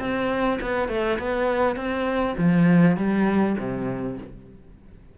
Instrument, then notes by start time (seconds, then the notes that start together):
cello
0.00 C4
0.62 B3
0.89 A3
1.19 B3
1.76 C4
2.38 F3
2.97 G3
3.59 C3